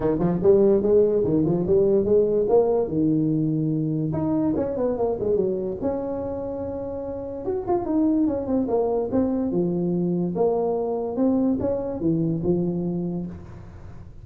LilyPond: \new Staff \with { instrumentName = "tuba" } { \time 4/4 \tempo 4 = 145 dis8 f8 g4 gis4 dis8 f8 | g4 gis4 ais4 dis4~ | dis2 dis'4 cis'8 b8 | ais8 gis8 fis4 cis'2~ |
cis'2 fis'8 f'8 dis'4 | cis'8 c'8 ais4 c'4 f4~ | f4 ais2 c'4 | cis'4 e4 f2 | }